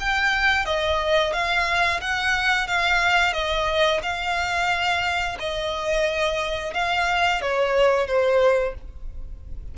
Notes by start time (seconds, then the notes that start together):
0.00 G5
0.66 D#5
1.33 F5
2.01 F#5
2.68 F5
3.33 D#5
4.03 F5
5.39 D#5
6.74 F5
7.42 C#5
8.07 C5